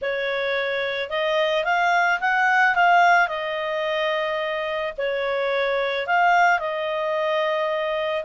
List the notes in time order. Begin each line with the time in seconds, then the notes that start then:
0.02 C#5
1.09 D#5
1.64 F5
2.20 F#5
2.75 F5
3.28 D#5
4.97 C#5
6.06 F5
6.59 D#5